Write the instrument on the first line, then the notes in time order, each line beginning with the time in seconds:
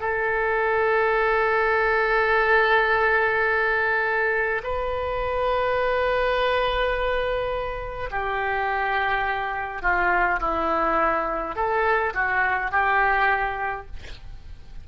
oboe
0.00 A4
4.64 B4
8.11 G4
9.82 F4
10.40 E4
11.55 A4
12.14 F#4
12.71 G4